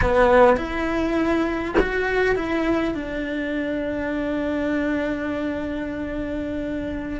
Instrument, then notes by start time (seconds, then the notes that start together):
cello
0.01 B3
0.56 E4
1.79 F#4
2.35 E4
2.94 D4